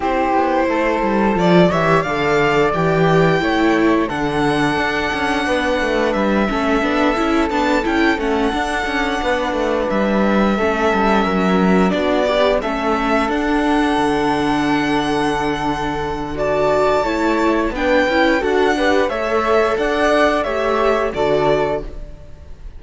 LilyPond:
<<
  \new Staff \with { instrumentName = "violin" } { \time 4/4 \tempo 4 = 88 c''2 d''8 e''8 f''4 | g''2 fis''2~ | fis''4 e''2 a''8 g''8 | fis''2~ fis''8 e''4.~ |
e''4. d''4 e''4 fis''8~ | fis''1 | a''2 g''4 fis''4 | e''4 fis''4 e''4 d''4 | }
  \new Staff \with { instrumentName = "flute" } { \time 4/4 g'4 a'4. cis''8 d''4~ | d''4 cis''4 a'2 | b'4. a'2~ a'8~ | a'4. b'2 a'8~ |
a'8 ais'4 fis'8 d'8 a'4.~ | a'1 | d''4 cis''4 b'4 a'8 b'8 | cis''4 d''4 cis''4 a'4 | }
  \new Staff \with { instrumentName = "viola" } { \time 4/4 e'2 f'8 g'8 a'4 | g'4 e'4 d'2~ | d'4. cis'8 d'8 e'8 d'8 e'8 | cis'8 d'2. cis'8~ |
cis'4. d'8 g'8 cis'4 d'8~ | d'1 | fis'4 e'4 d'8 e'8 fis'8 g'8 | a'2 g'4 fis'4 | }
  \new Staff \with { instrumentName = "cello" } { \time 4/4 c'8 b8 a8 g8 f8 e8 d4 | e4 a4 d4 d'8 cis'8 | b8 a8 g8 a8 b8 cis'8 b8 cis'8 | a8 d'8 cis'8 b8 a8 g4 a8 |
g8 fis4 b4 a4 d'8~ | d'8 d2.~ d8~ | d4 a4 b8 cis'8 d'4 | a4 d'4 a4 d4 | }
>>